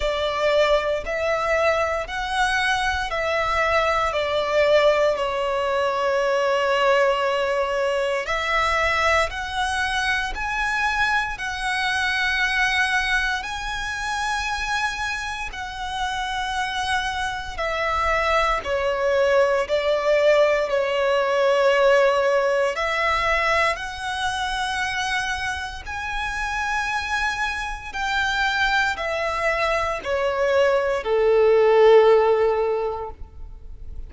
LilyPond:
\new Staff \with { instrumentName = "violin" } { \time 4/4 \tempo 4 = 58 d''4 e''4 fis''4 e''4 | d''4 cis''2. | e''4 fis''4 gis''4 fis''4~ | fis''4 gis''2 fis''4~ |
fis''4 e''4 cis''4 d''4 | cis''2 e''4 fis''4~ | fis''4 gis''2 g''4 | e''4 cis''4 a'2 | }